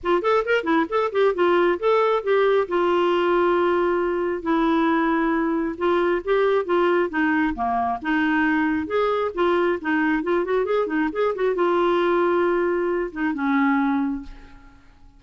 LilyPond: \new Staff \with { instrumentName = "clarinet" } { \time 4/4 \tempo 4 = 135 f'8 a'8 ais'8 e'8 a'8 g'8 f'4 | a'4 g'4 f'2~ | f'2 e'2~ | e'4 f'4 g'4 f'4 |
dis'4 ais4 dis'2 | gis'4 f'4 dis'4 f'8 fis'8 | gis'8 dis'8 gis'8 fis'8 f'2~ | f'4. dis'8 cis'2 | }